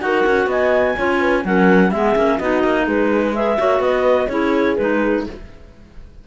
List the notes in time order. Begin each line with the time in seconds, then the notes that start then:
0.00 D#4 F#4 A#4 F#5
0.26 C#4
0.47 B3 D#5 G#5
0.96 C#4 F4 C#5
1.20 B4
1.44 F#3 C#4 A#4 F#5
1.91 G#3 B3 G#4 E5
2.16 A#3 C#4
2.37 B3 D#4 F#4 D#5
2.64 A#3
2.87 G#3 G#4 B4
3.34 G#4 B4 E5
3.58 A#3 F#4 C#5
3.80 B3 B4 D#5
4.28 C#4 E4 G#4 C#5
4.76 G#3 D#4 B4